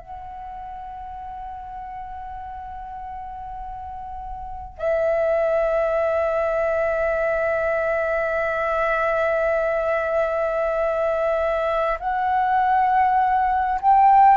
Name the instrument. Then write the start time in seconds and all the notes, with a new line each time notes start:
flute
0.00 F#5
4.78 E5
12.00 F#5
13.82 G5